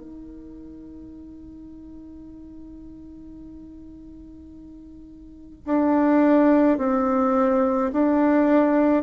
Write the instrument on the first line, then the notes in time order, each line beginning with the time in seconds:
bassoon
0.00 D#4
5.66 D4
6.78 C4
7.93 D4